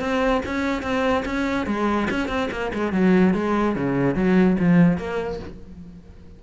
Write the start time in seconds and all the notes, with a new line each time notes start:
0.00 C4
0.45 C#4
0.82 C4
1.25 C#4
1.66 G#3
2.10 C#4
2.28 C4
2.51 A#3
2.73 G#3
2.92 F#3
3.34 G#3
3.76 C#3
4.15 F#3
4.59 F3
4.98 A#3